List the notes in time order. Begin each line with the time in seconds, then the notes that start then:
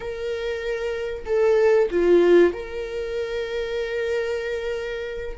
0.00 A#4
1.25 A4
1.91 F4
2.53 A#4